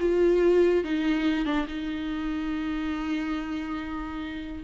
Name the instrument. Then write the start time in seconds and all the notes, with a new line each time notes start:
viola
0.00 F4
0.85 D#4
1.46 D4
1.68 D#4